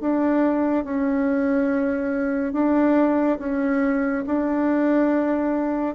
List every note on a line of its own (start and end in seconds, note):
0.00 0.84 D4
0.84 2.52 C#4
2.52 3.38 D4
3.38 4.24 C#4
4.26 5.95 D4